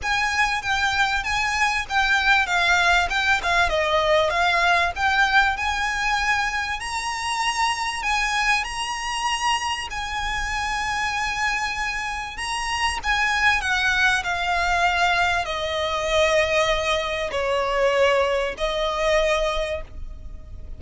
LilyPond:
\new Staff \with { instrumentName = "violin" } { \time 4/4 \tempo 4 = 97 gis''4 g''4 gis''4 g''4 | f''4 g''8 f''8 dis''4 f''4 | g''4 gis''2 ais''4~ | ais''4 gis''4 ais''2 |
gis''1 | ais''4 gis''4 fis''4 f''4~ | f''4 dis''2. | cis''2 dis''2 | }